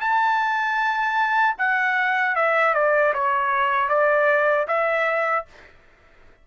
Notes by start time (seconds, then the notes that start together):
0.00 A5
1.58 F#5
2.35 E5
2.74 D5
3.13 C#5
3.89 D5
4.67 E5